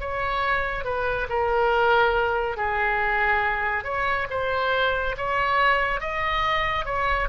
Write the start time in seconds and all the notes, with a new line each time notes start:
0.00 C#5
0.84 B4
1.29 A#4
2.57 G#4
3.84 C#5
4.30 C5
5.17 C#5
6.00 D#5
6.85 C#5